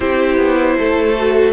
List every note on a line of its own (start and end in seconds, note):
0.00 0.37 C4
0.00 1.16 E4
0.00 0.75 G4
0.00 1.52 C5
0.37 0.76 B3
0.78 1.52 A3
0.78 1.52 A4
1.17 1.52 F#4